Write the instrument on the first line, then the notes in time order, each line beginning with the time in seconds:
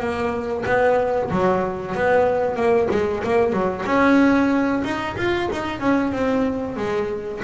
double bass
0.00 A#3
0.66 B3
1.31 F#3
1.96 B3
2.56 A#3
2.91 G#3
3.24 A#3
3.53 F#3
3.87 C#4
4.84 D#4
5.17 F4
5.52 D#4
5.80 C#4
6.13 C4
6.77 G#3